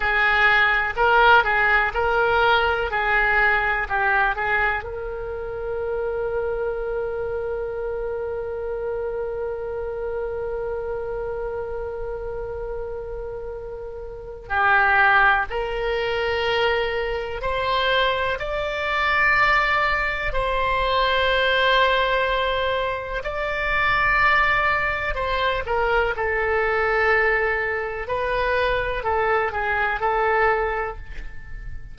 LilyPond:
\new Staff \with { instrumentName = "oboe" } { \time 4/4 \tempo 4 = 62 gis'4 ais'8 gis'8 ais'4 gis'4 | g'8 gis'8 ais'2.~ | ais'1~ | ais'2. g'4 |
ais'2 c''4 d''4~ | d''4 c''2. | d''2 c''8 ais'8 a'4~ | a'4 b'4 a'8 gis'8 a'4 | }